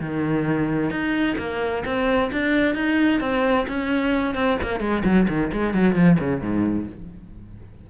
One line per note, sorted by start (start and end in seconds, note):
0.00 0.90 D#3
0.90 1.36 D#4
1.38 1.83 A#3
1.85 2.31 C4
2.32 2.75 D4
2.75 3.20 D#4
3.20 3.66 C4
3.67 4.34 C#4
4.34 4.57 C4
4.62 4.80 A#3
4.80 5.03 G#3
5.04 5.27 F#3
5.28 5.51 D#3
5.52 5.74 G#3
5.74 5.95 F#3
5.95 6.17 F3
6.19 6.41 C#3
6.41 6.86 G#2